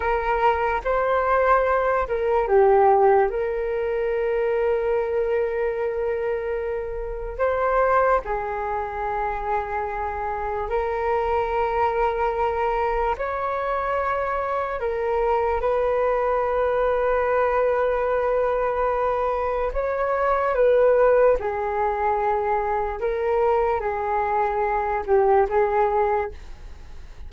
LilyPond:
\new Staff \with { instrumentName = "flute" } { \time 4/4 \tempo 4 = 73 ais'4 c''4. ais'8 g'4 | ais'1~ | ais'4 c''4 gis'2~ | gis'4 ais'2. |
cis''2 ais'4 b'4~ | b'1 | cis''4 b'4 gis'2 | ais'4 gis'4. g'8 gis'4 | }